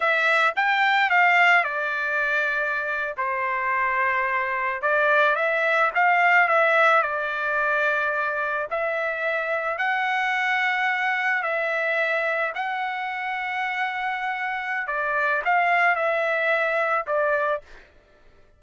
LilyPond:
\new Staff \with { instrumentName = "trumpet" } { \time 4/4 \tempo 4 = 109 e''4 g''4 f''4 d''4~ | d''4.~ d''16 c''2~ c''16~ | c''8. d''4 e''4 f''4 e''16~ | e''8. d''2. e''16~ |
e''4.~ e''16 fis''2~ fis''16~ | fis''8. e''2 fis''4~ fis''16~ | fis''2. d''4 | f''4 e''2 d''4 | }